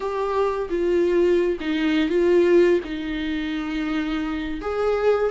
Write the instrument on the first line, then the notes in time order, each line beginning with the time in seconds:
viola
0.00 G4
0.69 F4
1.60 D#4
2.09 F4
2.84 D#4
4.61 G#4